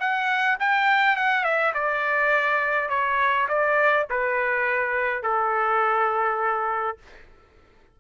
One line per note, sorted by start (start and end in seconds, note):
0.00 0.58 F#5
0.60 1.17 G5
1.17 1.44 F#5
1.44 1.73 E5
1.74 2.90 D5
2.90 3.48 C#5
3.49 4.07 D5
4.10 5.23 B4
5.23 6.98 A4